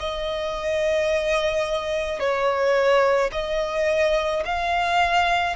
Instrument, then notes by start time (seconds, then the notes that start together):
violin
0.00 D#5
2.20 C#5
3.32 D#5
4.45 F5